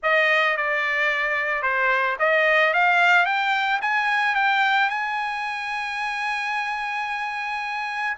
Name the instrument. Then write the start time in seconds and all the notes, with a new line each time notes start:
trumpet
0.02 D#5
0.56 D5
1.62 C5
2.19 D#5
2.73 F5
3.25 G5
3.81 G#5
4.35 G5
4.89 G#5